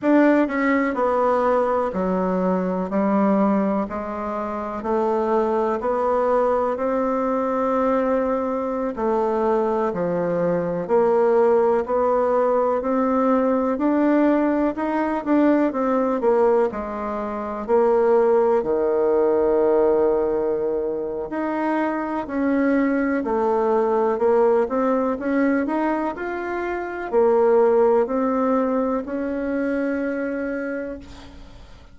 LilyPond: \new Staff \with { instrumentName = "bassoon" } { \time 4/4 \tempo 4 = 62 d'8 cis'8 b4 fis4 g4 | gis4 a4 b4 c'4~ | c'4~ c'16 a4 f4 ais8.~ | ais16 b4 c'4 d'4 dis'8 d'16~ |
d'16 c'8 ais8 gis4 ais4 dis8.~ | dis2 dis'4 cis'4 | a4 ais8 c'8 cis'8 dis'8 f'4 | ais4 c'4 cis'2 | }